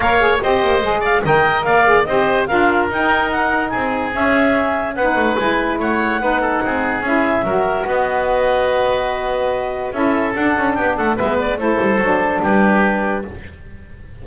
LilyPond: <<
  \new Staff \with { instrumentName = "clarinet" } { \time 4/4 \tempo 4 = 145 f''4 dis''4. f''8 g''4 | f''4 dis''4 f''4 g''4 | fis''4 gis''4 e''2 | fis''4 gis''4 fis''2~ |
fis''4 e''2 dis''4~ | dis''1 | e''4 fis''4 g''8 fis''8 e''8 d''8 | c''2 b'2 | }
  \new Staff \with { instrumentName = "oboe" } { \time 4/4 cis''4 c''4. d''8 dis''4 | d''4 c''4 ais'2~ | ais'4 gis'2. | b'2 cis''4 b'8 a'8 |
gis'2 ais'4 b'4~ | b'1 | a'2 g'8 a'8 b'4 | a'2 g'2 | }
  \new Staff \with { instrumentName = "saxophone" } { \time 4/4 ais'8 gis'8 g'4 gis'4 ais'4~ | ais'8 gis'8 g'4 f'4 dis'4~ | dis'2 cis'2 | dis'4 e'2 dis'4~ |
dis'4 e'4 fis'2~ | fis'1 | e'4 d'2 b4 | e'4 d'2. | }
  \new Staff \with { instrumentName = "double bass" } { \time 4/4 ais4 c'8 ais8 gis4 dis4 | ais4 c'4 d'4 dis'4~ | dis'4 c'4 cis'2 | b8 a8 gis4 a4 b4 |
c'4 cis'4 fis4 b4~ | b1 | cis'4 d'8 cis'8 b8 a8 gis4 | a8 g8 fis4 g2 | }
>>